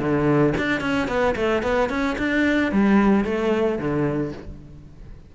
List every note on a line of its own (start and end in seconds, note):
0.00 0.54 D3
0.58 0.81 D4
0.81 1.08 C#4
1.08 1.35 B3
1.36 1.63 A3
1.63 1.90 B3
1.90 2.17 C#4
2.19 2.72 D4
2.72 3.25 G3
3.25 3.79 A3
3.79 4.33 D3